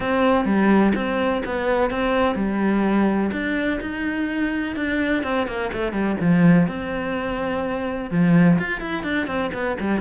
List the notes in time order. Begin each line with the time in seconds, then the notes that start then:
0.00 C4
0.45 G3
0.94 C4
1.45 B3
1.90 C4
2.35 G3
3.32 D4
3.81 D#4
4.76 D4
5.23 C4
5.47 A#3
5.73 A3
5.92 G3
6.20 F3
6.67 C4
8.11 F3
8.58 F4
8.80 E4
9.03 D4
9.27 C4
9.53 B3
9.79 G3